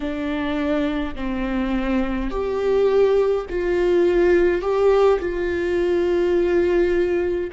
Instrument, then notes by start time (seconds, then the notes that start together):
viola
0.00 D4
1.15 C4
2.30 G4
3.49 F4
4.62 G4
5.19 F4